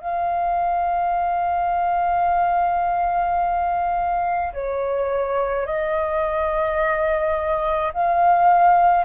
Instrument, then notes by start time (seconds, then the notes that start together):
flute
0.00 F5
4.53 C#5
5.66 D#5
7.93 F5